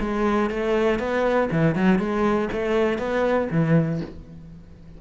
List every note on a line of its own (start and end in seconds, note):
0.00 0.50 G#3
0.50 0.99 A3
0.99 1.49 B3
1.51 1.75 E3
1.75 1.99 F#3
1.99 2.49 G#3
2.52 2.98 A3
2.98 3.48 B3
3.51 4.01 E3